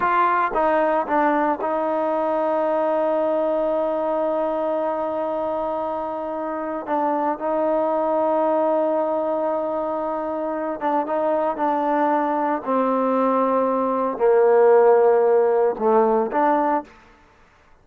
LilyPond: \new Staff \with { instrumentName = "trombone" } { \time 4/4 \tempo 4 = 114 f'4 dis'4 d'4 dis'4~ | dis'1~ | dis'1~ | dis'4 d'4 dis'2~ |
dis'1~ | dis'8 d'8 dis'4 d'2 | c'2. ais4~ | ais2 a4 d'4 | }